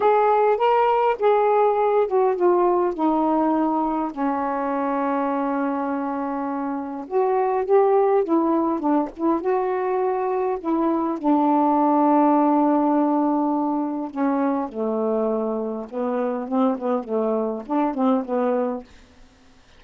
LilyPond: \new Staff \with { instrumentName = "saxophone" } { \time 4/4 \tempo 4 = 102 gis'4 ais'4 gis'4. fis'8 | f'4 dis'2 cis'4~ | cis'1 | fis'4 g'4 e'4 d'8 e'8 |
fis'2 e'4 d'4~ | d'1 | cis'4 a2 b4 | c'8 b8 a4 d'8 c'8 b4 | }